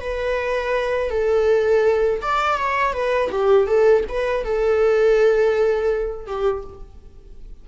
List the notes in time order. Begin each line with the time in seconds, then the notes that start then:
0.00 B4
1.10 A4
2.22 D5
2.58 C#5
2.93 B4
3.31 G4
3.67 A4
4.08 B4
4.44 A4
6.27 G4